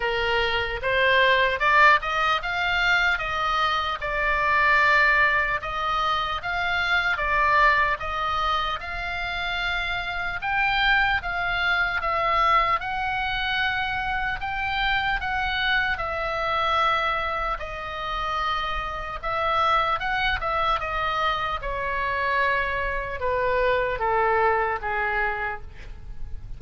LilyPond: \new Staff \with { instrumentName = "oboe" } { \time 4/4 \tempo 4 = 75 ais'4 c''4 d''8 dis''8 f''4 | dis''4 d''2 dis''4 | f''4 d''4 dis''4 f''4~ | f''4 g''4 f''4 e''4 |
fis''2 g''4 fis''4 | e''2 dis''2 | e''4 fis''8 e''8 dis''4 cis''4~ | cis''4 b'4 a'4 gis'4 | }